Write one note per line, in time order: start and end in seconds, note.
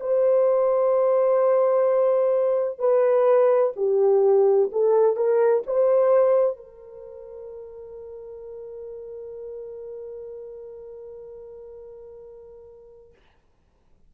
0.00 2.79 C5
2.79 3.73 B4
3.76 4.70 G4
4.72 5.16 A4
5.16 5.63 A#4
5.66 6.57 C5
6.57 13.13 A#4